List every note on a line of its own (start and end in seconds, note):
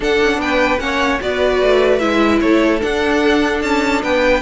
0.00 0.79 D4
0.00 0.20 D4
0.00 0.38 A4
0.00 0.41 F#5
0.21 0.37 C#4
0.37 0.78 B3
0.37 0.82 B4
0.37 0.79 G5
0.79 1.19 A#3
0.79 1.19 C#4
0.79 1.21 C#5
0.79 1.19 F#5
1.20 1.61 B3
1.20 1.99 F#4
1.20 2.42 B4
1.20 1.98 D5
1.61 2.01 A3
1.98 2.41 G#3
1.98 2.80 E4
1.98 2.39 E5
2.40 2.82 A3
2.40 4.03 A4
2.40 2.80 C#5
2.80 4.41 D4
2.80 3.62 D4
2.80 3.61 F#5
3.61 4.02 C#4
3.61 4.02 A5
4.03 4.41 B3
4.03 4.41 B4
4.03 4.41 G5